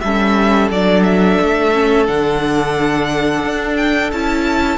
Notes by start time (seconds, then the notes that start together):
0.00 G3 C#4 A4 E5
0.70 F#3 D4 D5
1.03 E5
1.41 A3
1.73 C#4
2.06 D3 D4 F#5
3.44 D4
3.76 G5
4.12 C#4 E4 A5